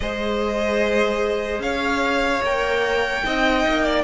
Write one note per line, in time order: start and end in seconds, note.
0.00 1.59 G#3
0.00 2.44 G#4
0.00 1.62 C5
0.00 1.61 D#5
1.59 2.40 C#4
1.59 3.25 C#5
1.59 2.42 F5
2.42 3.23 A#3
2.42 3.24 A#4
2.42 4.03 G5
3.24 3.66 C4
3.24 4.03 D#4
3.24 3.84 D#5
3.67 4.03 A#3
3.84 4.03 D5